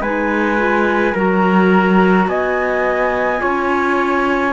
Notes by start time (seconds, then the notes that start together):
0.00 G#3 D#4 B4 G#5
0.57 F4
1.13 F#3 F#4 A#4 A#5
2.27 B3 D#5 G#5
3.38 C#4 F4 C#5